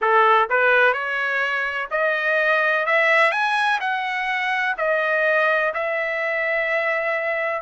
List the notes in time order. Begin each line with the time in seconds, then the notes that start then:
0.01 A4
0.49 B4
0.93 C#5
1.90 D#5
2.86 E5
3.31 G#5
3.80 F#5
4.77 D#5
5.74 E5